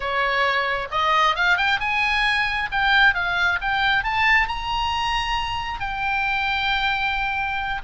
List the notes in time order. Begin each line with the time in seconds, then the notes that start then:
0.00 C#5
0.91 D#5
1.35 F5
1.57 G5
1.80 G#5
2.71 G5
3.14 F5
3.61 G5
4.03 A5
4.48 A#5
5.80 G5